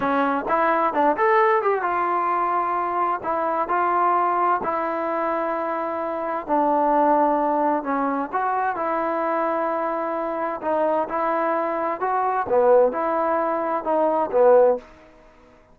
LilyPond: \new Staff \with { instrumentName = "trombone" } { \time 4/4 \tempo 4 = 130 cis'4 e'4 d'8 a'4 g'8 | f'2. e'4 | f'2 e'2~ | e'2 d'2~ |
d'4 cis'4 fis'4 e'4~ | e'2. dis'4 | e'2 fis'4 b4 | e'2 dis'4 b4 | }